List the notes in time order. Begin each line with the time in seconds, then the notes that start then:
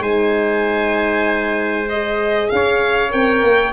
0.00 G#3 D#4 C5 G#5
1.89 G#4 D#5
2.50 C#4 C#5 F5
3.11 C4 A#4 G5
3.43 A#3